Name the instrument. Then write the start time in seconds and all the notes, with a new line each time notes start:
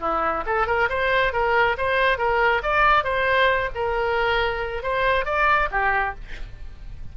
oboe
0.00 E4
0.46 A4
0.67 A#4
0.89 C5
1.33 A#4
1.78 C5
2.18 A#4
2.63 D5
3.04 C5
3.75 A#4
4.83 C5
5.25 D5
5.71 G4